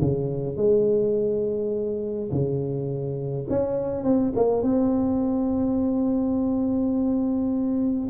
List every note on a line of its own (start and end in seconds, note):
0.00 0.56 C#3
0.56 2.29 G#3
2.31 3.46 C#3
3.49 4.04 C#4
4.04 4.32 C4
4.35 4.62 A#3
4.62 8.08 C4